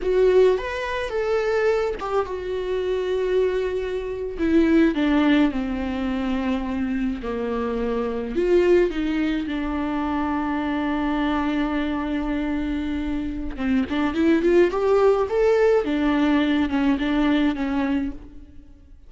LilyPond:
\new Staff \with { instrumentName = "viola" } { \time 4/4 \tempo 4 = 106 fis'4 b'4 a'4. g'8 | fis'2.~ fis'8. e'16~ | e'8. d'4 c'2~ c'16~ | c'8. ais2 f'4 dis'16~ |
dis'8. d'2.~ d'16~ | d'1 | c'8 d'8 e'8 f'8 g'4 a'4 | d'4. cis'8 d'4 cis'4 | }